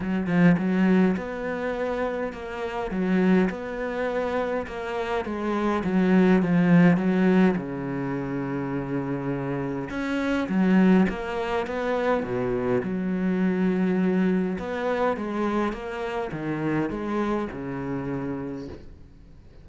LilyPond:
\new Staff \with { instrumentName = "cello" } { \time 4/4 \tempo 4 = 103 fis8 f8 fis4 b2 | ais4 fis4 b2 | ais4 gis4 fis4 f4 | fis4 cis2.~ |
cis4 cis'4 fis4 ais4 | b4 b,4 fis2~ | fis4 b4 gis4 ais4 | dis4 gis4 cis2 | }